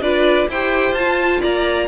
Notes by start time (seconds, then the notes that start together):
0.00 D4 F4 B4 D5
0.49 E4 G4 C5 G5
0.92 F4 A5
1.41 A#3 D5 A#5